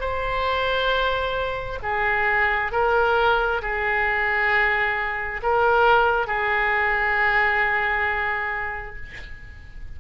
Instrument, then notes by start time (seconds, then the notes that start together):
oboe
0.00 C5
1.83 G#4
2.72 A#4
3.62 G#4
5.43 A#4
6.27 G#4